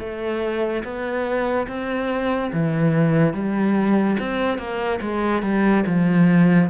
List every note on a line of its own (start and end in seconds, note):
0.00 0.83 A3
0.84 1.68 B3
1.68 2.52 C4
2.53 3.34 E3
3.34 4.17 G3
4.20 4.58 C4
4.58 5.00 A#3
5.02 5.43 G#3
5.43 5.84 G3
5.87 6.70 F3